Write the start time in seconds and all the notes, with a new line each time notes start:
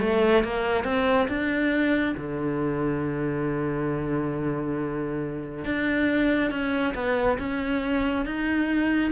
0.00 A3
0.43 A#3
0.84 C4
1.28 D4
2.17 D3
5.64 D4
6.51 C#4
6.94 B3
7.38 C#4
8.25 D#4